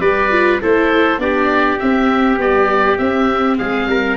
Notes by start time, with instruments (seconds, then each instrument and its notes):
0.00 tuba G3, viola G4, trumpet B4, oboe D5
0.31 viola F4
0.61 tuba A3, viola E4, trumpet A4, oboe C5
1.18 tuba B3, viola D4, trumpet G4, oboe D5
1.79 viola C4, tuba C4, oboe E5
2.38 viola G3, tuba B3, oboe D5
2.98 viola C4, tuba C4, oboe E5
3.58 tuba G#3, trumpet G#4, oboe F5
3.87 tuba G3, trumpet A#4